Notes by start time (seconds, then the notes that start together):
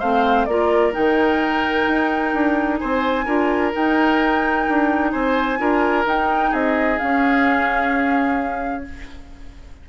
0.00 A3 C4 C5 F5
0.46 A#3 F4 A#4 D5
0.92 D#3 D#4 G5
1.87 D#4
2.34 D4
2.78 C4 C5 G#5
3.25 D4 F4 A#4
3.72 D#4 G5
4.69 D4
5.11 C4 C5 G#5
5.58 D4 F4 A#4
6.06 D#4 G5
6.50 C4 G#4 D#5
6.99 C#4 F5